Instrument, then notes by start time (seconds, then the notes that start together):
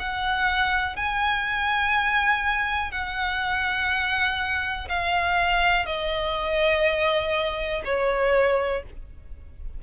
violin
0.00 F#5
0.97 G#5
2.92 F#5
4.89 F5
5.86 D#5
7.85 C#5